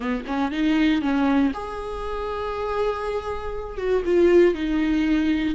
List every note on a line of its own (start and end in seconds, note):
0.00 0.24 B3
0.27 0.51 C#4
0.51 1.01 D#4
1.01 1.52 C#4
1.53 3.77 G#4
3.77 4.02 F#4
4.05 4.54 F4
4.54 5.55 D#4